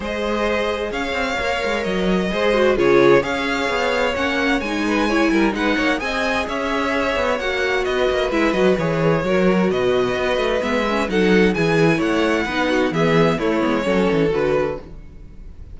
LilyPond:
<<
  \new Staff \with { instrumentName = "violin" } { \time 4/4 \tempo 4 = 130 dis''2 f''2 | dis''2 cis''4 f''4~ | f''4 fis''4 gis''2 | fis''4 gis''4 e''2 |
fis''4 dis''4 e''8 dis''8 cis''4~ | cis''4 dis''2 e''4 | fis''4 gis''4 fis''2 | e''4 cis''2 b'4 | }
  \new Staff \with { instrumentName = "violin" } { \time 4/4 c''2 cis''2~ | cis''4 c''4 gis'4 cis''4~ | cis''2~ cis''8 b'8 cis''8 ais'8 | b'8 cis''8 dis''4 cis''2~ |
cis''4 b'2. | ais'4 b'2. | a'4 gis'4 cis''4 b'8 fis'8 | gis'4 e'4 a'2 | }
  \new Staff \with { instrumentName = "viola" } { \time 4/4 gis'2. ais'4~ | ais'4 gis'8 fis'8 f'4 gis'4~ | gis'4 cis'4 dis'4 e'4 | dis'4 gis'2. |
fis'2 e'8 fis'8 gis'4 | fis'2. b8 cis'8 | dis'4 e'2 dis'4 | b4 a8 b8 cis'4 fis'4 | }
  \new Staff \with { instrumentName = "cello" } { \time 4/4 gis2 cis'8 c'8 ais8 gis8 | fis4 gis4 cis4 cis'4 | b4 ais4 gis4. g8 | gis8 ais8 c'4 cis'4. b8 |
ais4 b8 ais8 gis8 fis8 e4 | fis4 b,4 b8 a8 gis4 | fis4 e4 a4 b4 | e4 a8 gis8 fis8 e8 d4 | }
>>